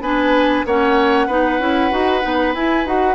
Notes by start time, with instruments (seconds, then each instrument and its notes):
0.00 bassoon B3, clarinet D4, oboe B4, flute G#5
0.65 bassoon A#3, clarinet C#4, oboe C#5, flute F#5
1.26 bassoon B3, clarinet D#4, oboe B4
1.59 bassoon C#4, clarinet E4
1.90 bassoon D#4, clarinet F#4
2.21 bassoon B3, clarinet D#4
2.54 bassoon E4, clarinet E4, flute G#5
2.85 bassoon D#4, clarinet F#4, flute F#5